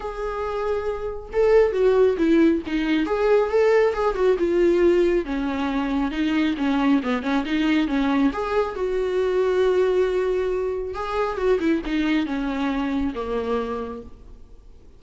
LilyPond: \new Staff \with { instrumentName = "viola" } { \time 4/4 \tempo 4 = 137 gis'2. a'4 | fis'4 e'4 dis'4 gis'4 | a'4 gis'8 fis'8 f'2 | cis'2 dis'4 cis'4 |
b8 cis'8 dis'4 cis'4 gis'4 | fis'1~ | fis'4 gis'4 fis'8 e'8 dis'4 | cis'2 ais2 | }